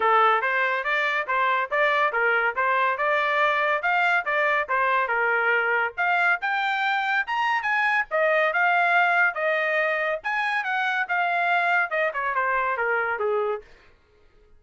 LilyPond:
\new Staff \with { instrumentName = "trumpet" } { \time 4/4 \tempo 4 = 141 a'4 c''4 d''4 c''4 | d''4 ais'4 c''4 d''4~ | d''4 f''4 d''4 c''4 | ais'2 f''4 g''4~ |
g''4 ais''4 gis''4 dis''4 | f''2 dis''2 | gis''4 fis''4 f''2 | dis''8 cis''8 c''4 ais'4 gis'4 | }